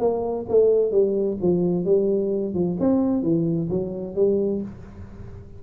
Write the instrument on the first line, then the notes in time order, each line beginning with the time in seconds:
tuba
0.00 A#3
0.49 A3
0.92 G3
1.42 F3
1.86 G3
2.54 F3
2.80 C4
3.23 E3
3.70 F#3
4.16 G3